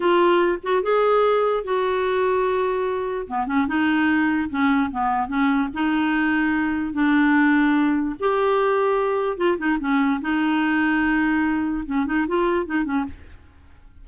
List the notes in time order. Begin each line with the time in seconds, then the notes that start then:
0.00 F4
0.63 F#4
0.83 G#4
1.63 F#4
3.27 B3
3.46 C#4
3.67 D#4
4.49 C#4
4.91 B3
5.28 C#4
5.73 D#4
6.93 D4
8.19 G4
9.37 F4
9.58 D#4
9.79 C#4
10.21 D#4
11.85 C#4
12.06 D#4
12.27 F4
12.66 D#4
12.84 C#4